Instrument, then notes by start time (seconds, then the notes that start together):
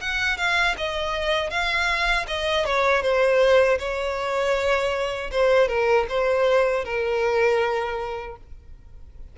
violin
0.00 F#5
0.37 F5
0.77 D#5
1.50 F5
2.27 D#5
2.65 C#5
3.02 C5
3.78 C#5
5.31 C5
5.68 A#4
6.09 C5
6.84 A#4